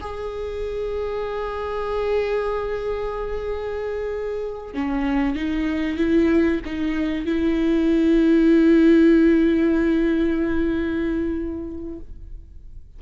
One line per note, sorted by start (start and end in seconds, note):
0.00 4.74 G#4
4.74 5.35 C#4
5.35 5.97 D#4
5.97 6.60 E4
6.65 7.25 D#4
7.25 11.99 E4